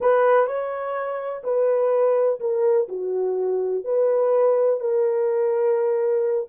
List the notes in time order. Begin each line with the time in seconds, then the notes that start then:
0.00 B4
0.46 C#5
1.43 B4
2.40 A#4
2.88 F#4
3.84 B4
4.80 A#4